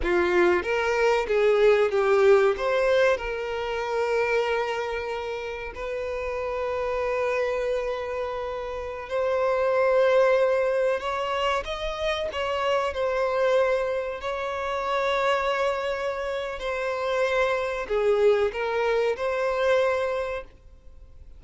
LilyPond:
\new Staff \with { instrumentName = "violin" } { \time 4/4 \tempo 4 = 94 f'4 ais'4 gis'4 g'4 | c''4 ais'2.~ | ais'4 b'2.~ | b'2~ b'16 c''4.~ c''16~ |
c''4~ c''16 cis''4 dis''4 cis''8.~ | cis''16 c''2 cis''4.~ cis''16~ | cis''2 c''2 | gis'4 ais'4 c''2 | }